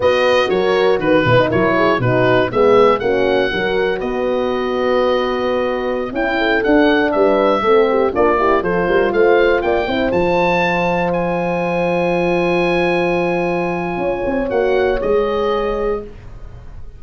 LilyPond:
<<
  \new Staff \with { instrumentName = "oboe" } { \time 4/4 \tempo 4 = 120 dis''4 cis''4 b'4 cis''4 | b'4 e''4 fis''2 | dis''1~ | dis''16 g''4 fis''4 e''4.~ e''16~ |
e''16 d''4 c''4 f''4 g''8.~ | g''16 a''2 gis''4.~ gis''16~ | gis''1~ | gis''4 fis''4 dis''2 | }
  \new Staff \with { instrumentName = "horn" } { \time 4/4 b'4 ais'4 b'4 ais'8 gis'8 | fis'4 gis'4 fis'4 ais'4 | b'1~ | b'16 e'8 a'4. b'4 a'8 g'16~ |
g'16 f'8 g'8 a'8 ais'8 c''4 d''8 c''16~ | c''1~ | c''1 | cis''1 | }
  \new Staff \with { instrumentName = "horn" } { \time 4/4 fis'2~ fis'8 e'16 dis'16 e'4 | dis'4 b4 cis'4 fis'4~ | fis'1~ | fis'16 e'4 d'2 c'8.~ |
c'16 d'8 e'8 f'2~ f'8 e'16~ | e'16 f'2.~ f'8.~ | f'1~ | f'4 fis'4 gis'2 | }
  \new Staff \with { instrumentName = "tuba" } { \time 4/4 b4 fis4 dis8 b,8 fis4 | b,4 gis4 ais4 fis4 | b1~ | b16 cis'4 d'4 g4 a8.~ |
a16 ais4 f8 g8 a4 ais8 c'16~ | c'16 f2.~ f8.~ | f1 | cis'8 c'8 ais4 gis2 | }
>>